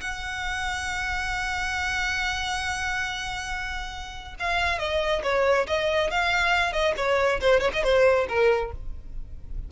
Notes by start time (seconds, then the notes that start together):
0.00 F#5
4.39 F5
4.78 D#5
5.23 C#5
5.67 D#5
6.10 F5
6.72 D#5
6.96 C#5
7.40 C5
7.60 C#5
7.73 D#5
7.83 C5
8.28 A#4